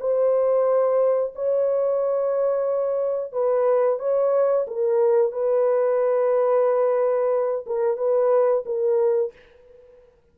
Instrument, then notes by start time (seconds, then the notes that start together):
horn
0.00 C5
1.35 C#5
3.32 B4
3.99 C#5
4.67 A#4
5.32 B4
7.66 A#4
7.97 B4
8.65 A#4